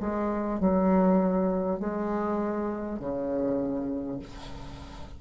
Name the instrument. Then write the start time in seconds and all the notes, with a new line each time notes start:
bassoon
0.00 G#3
0.60 F#3
1.79 G#3
2.99 C#3